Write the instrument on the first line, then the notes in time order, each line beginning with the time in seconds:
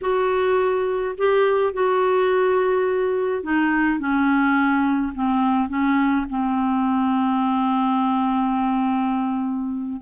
clarinet
0.01 F#4
1.17 G4
1.73 F#4
3.43 D#4
3.99 C#4
5.14 C4
5.69 C#4
6.29 C4